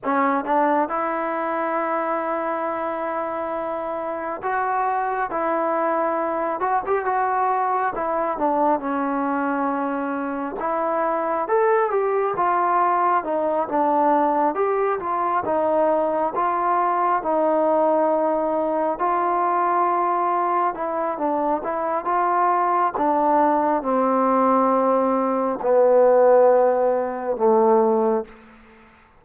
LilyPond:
\new Staff \with { instrumentName = "trombone" } { \time 4/4 \tempo 4 = 68 cis'8 d'8 e'2.~ | e'4 fis'4 e'4. fis'16 g'16 | fis'4 e'8 d'8 cis'2 | e'4 a'8 g'8 f'4 dis'8 d'8~ |
d'8 g'8 f'8 dis'4 f'4 dis'8~ | dis'4. f'2 e'8 | d'8 e'8 f'4 d'4 c'4~ | c'4 b2 a4 | }